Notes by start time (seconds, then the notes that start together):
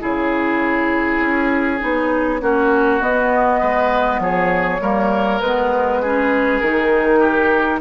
0.00 C#3 E4 G#4 C#5
1.20 C#4
1.79 B3 D#4
2.41 A#3 C#4 F#4
3.01 B3 D#5
3.60 G#3 B4
4.20 F3 G#4 C#5
4.81 G3 A#3 A#4
5.41 G#3 B3 B4
6.03 C#4 G#4
6.61 D#3 D#4 A#4
7.20 G4